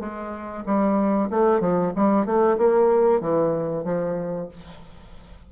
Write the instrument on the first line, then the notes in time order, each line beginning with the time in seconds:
bassoon
0.00 G#3
0.66 G3
1.30 A3
1.60 F3
1.96 G3
2.26 A3
2.58 A#3
3.21 E3
3.84 F3